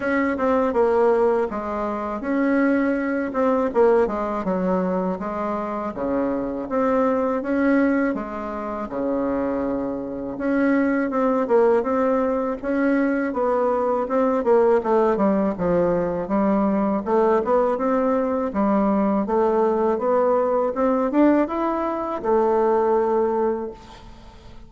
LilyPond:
\new Staff \with { instrumentName = "bassoon" } { \time 4/4 \tempo 4 = 81 cis'8 c'8 ais4 gis4 cis'4~ | cis'8 c'8 ais8 gis8 fis4 gis4 | cis4 c'4 cis'4 gis4 | cis2 cis'4 c'8 ais8 |
c'4 cis'4 b4 c'8 ais8 | a8 g8 f4 g4 a8 b8 | c'4 g4 a4 b4 | c'8 d'8 e'4 a2 | }